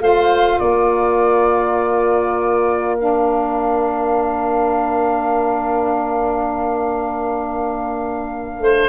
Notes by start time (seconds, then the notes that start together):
0.00 A3 F4 C5 F5
0.59 A#3 A#4 D5
2.97 D4 F5
8.60 A3 C5